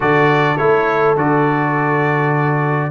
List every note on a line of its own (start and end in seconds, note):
0.00 0.59 D3
0.00 0.56 F#4
0.00 2.90 A4
0.00 0.57 D5
0.57 1.17 A3
0.57 1.17 E4
0.57 1.15 C#5
1.17 2.90 D3
1.17 2.90 F#4
1.17 2.90 D5